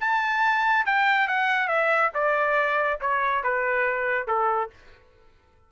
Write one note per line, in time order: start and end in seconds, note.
0.00 0.86 A5
0.86 1.27 G5
1.27 1.68 F#5
1.68 2.11 E5
2.14 3.00 D5
3.00 3.43 C#5
3.43 4.27 B4
4.27 4.70 A4